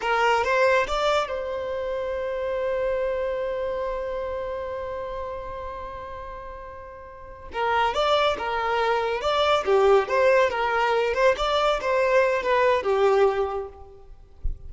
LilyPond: \new Staff \with { instrumentName = "violin" } { \time 4/4 \tempo 4 = 140 ais'4 c''4 d''4 c''4~ | c''1~ | c''1~ | c''1~ |
c''4. ais'4 d''4 ais'8~ | ais'4. d''4 g'4 c''8~ | c''8 ais'4. c''8 d''4 c''8~ | c''4 b'4 g'2 | }